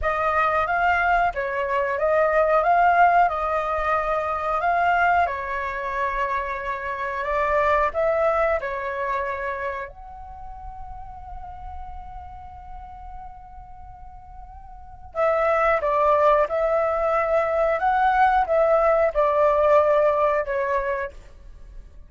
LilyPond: \new Staff \with { instrumentName = "flute" } { \time 4/4 \tempo 4 = 91 dis''4 f''4 cis''4 dis''4 | f''4 dis''2 f''4 | cis''2. d''4 | e''4 cis''2 fis''4~ |
fis''1~ | fis''2. e''4 | d''4 e''2 fis''4 | e''4 d''2 cis''4 | }